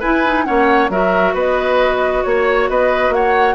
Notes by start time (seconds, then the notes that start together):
0.00 E4 B4 G#5
0.25 D#4
0.45 A#3 C#4 C#5 F#5
0.90 F#3 F#4 A#4 E5
1.34 B3 B4 D#5
2.24 A#3 C#5
2.69 B3 B4 D#5
3.10 A#3 F#5
3.16 C#5